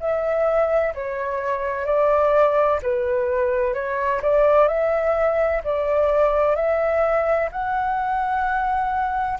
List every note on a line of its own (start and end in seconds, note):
0.00 0.94 E5
0.94 1.86 C#5
1.86 2.80 D5
2.83 3.74 B4
3.74 4.21 C#5
4.22 4.68 D5
4.68 5.62 E5
5.64 6.56 D5
6.56 7.50 E5
7.52 9.39 F#5